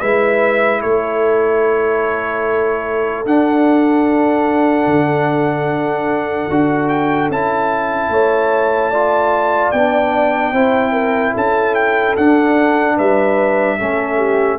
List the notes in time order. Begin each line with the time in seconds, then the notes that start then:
0.00 G#3 E4 B4 E5
0.82 A3 A4 C#5
3.26 D4 F#5
4.86 D3
6.50 D4 F#4
6.89 G5
7.29 C#4 E4 A5
8.10 A3 C#5
8.90 F4 D5
9.72 B3 D4 G5
10.53 C4 E4 C5
10.92 A#4
11.34 C#4 A4 A5
11.75 G5
12.17 D4 F#5
12.97 G3 B4 E5
13.79 A3 C#4 A4
14.17 G4